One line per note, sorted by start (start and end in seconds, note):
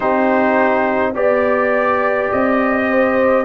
0.00 1.15 C4
0.00 1.14 D#4
0.00 1.12 G4
0.00 1.14 C5
1.14 2.30 B3
1.14 3.44 G4
1.14 2.87 D5
1.14 2.31 D5
2.31 3.44 C4
2.31 3.44 D#5
2.89 3.44 C5